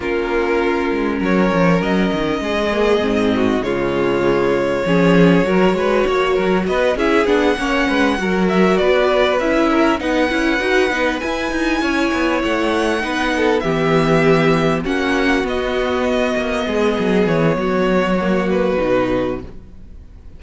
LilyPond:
<<
  \new Staff \with { instrumentName = "violin" } { \time 4/4 \tempo 4 = 99 ais'2 cis''4 dis''4~ | dis''2 cis''2~ | cis''2. dis''8 e''8 | fis''2 e''8 d''4 e''8~ |
e''8 fis''2 gis''4.~ | gis''8 fis''2 e''4.~ | e''8 fis''4 dis''2~ dis''8~ | dis''8 cis''2 b'4. | }
  \new Staff \with { instrumentName = "violin" } { \time 4/4 f'2 ais'2 | gis'4. fis'8 f'2 | gis'4 ais'8 b'8 cis''8 ais'8 b'8 gis'8~ | gis'8 cis''8 b'8 ais'4 b'4. |
ais'8 b'2. cis''8~ | cis''4. b'8 a'8 g'4.~ | g'8 fis'2. gis'8~ | gis'4 fis'2. | }
  \new Staff \with { instrumentName = "viola" } { \time 4/4 cis'1~ | cis'8 ais8 c'4 gis2 | cis'4 fis'2~ fis'8 e'8 | d'8 cis'4 fis'2 e'8~ |
e'8 dis'8 e'8 fis'8 dis'8 e'4.~ | e'4. dis'4 b4.~ | b8 cis'4 b2~ b8~ | b2 ais4 dis'4 | }
  \new Staff \with { instrumentName = "cello" } { \time 4/4 ais4. gis8 fis8 f8 fis8 dis8 | gis4 gis,4 cis2 | f4 fis8 gis8 ais8 fis8 b8 cis'8 | b8 ais8 gis8 fis4 b4 cis'8~ |
cis'8 b8 cis'8 dis'8 b8 e'8 dis'8 cis'8 | b8 a4 b4 e4.~ | e8 ais4 b4. ais8 gis8 | fis8 e8 fis2 b,4 | }
>>